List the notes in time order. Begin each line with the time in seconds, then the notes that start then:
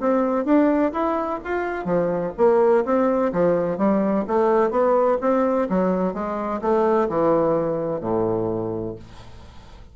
0.00 C4
0.44 D4
0.92 E4
1.44 F4
1.84 F3
2.37 A#3
2.85 C4
3.32 F3
3.77 G3
4.27 A3
4.70 B3
5.21 C4
5.69 F#3
6.13 G#3
6.61 A3
7.09 E3
8.00 A2